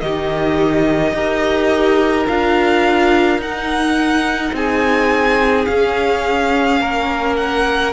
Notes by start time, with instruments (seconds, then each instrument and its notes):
0.00 cello D#3, viola D#4, violin G4 D#5
1.13 cello D#4, viola G4, violin A#4
2.27 cello D4, viola F4, violin F5
3.38 cello D#4, viola D#4, violin F#5
4.52 cello C4, violin G#4 G#5
5.65 viola C#4, cello C#4, violin F5
6.80 cello A#3, violin A#4
7.36 violin F#5